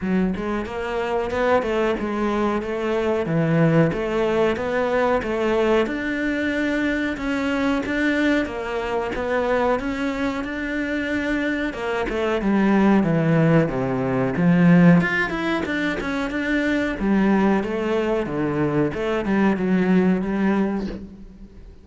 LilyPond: \new Staff \with { instrumentName = "cello" } { \time 4/4 \tempo 4 = 92 fis8 gis8 ais4 b8 a8 gis4 | a4 e4 a4 b4 | a4 d'2 cis'4 | d'4 ais4 b4 cis'4 |
d'2 ais8 a8 g4 | e4 c4 f4 f'8 e'8 | d'8 cis'8 d'4 g4 a4 | d4 a8 g8 fis4 g4 | }